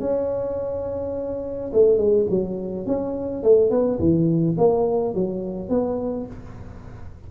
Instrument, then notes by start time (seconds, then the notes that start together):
tuba
0.00 C#4
1.73 A3
1.98 G#3
2.30 F#3
2.86 C#4
3.43 A3
3.70 B3
3.99 E3
4.58 A#3
5.14 F#3
5.69 B3